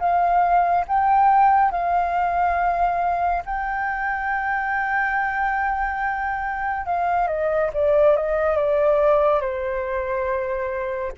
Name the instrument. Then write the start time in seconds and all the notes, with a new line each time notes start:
flute
0.00 F5
0.88 G5
1.72 F5
3.46 G5
6.86 F5
7.28 D#5
7.74 D5
8.17 D#5
8.57 D5
9.41 C5